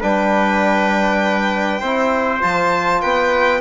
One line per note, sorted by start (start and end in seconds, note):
0.00 1.82 G3
0.00 1.81 D4
0.00 1.80 B4
0.00 2.41 G5
1.80 2.42 C4
1.80 2.40 E4
1.80 3.00 C5
2.40 3.03 F3
2.40 3.60 F4
2.40 3.01 A5
3.01 3.60 B3
3.01 3.60 B4
3.01 3.60 G5